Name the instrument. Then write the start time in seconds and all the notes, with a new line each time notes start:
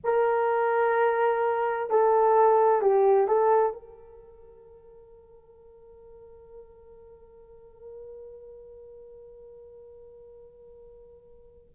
horn
0.04 A#4
1.90 A4
2.81 G4
3.27 A4
3.72 A#4